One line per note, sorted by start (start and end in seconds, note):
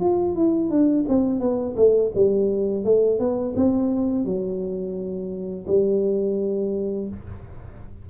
0.00 0.35 F4
0.35 0.70 E4
0.70 1.05 D4
1.08 1.40 C4
1.40 1.75 B3
1.76 2.11 A3
2.15 2.84 G3
2.84 3.19 A3
3.19 3.55 B3
3.56 4.25 C4
4.25 5.66 F#3
5.67 7.08 G3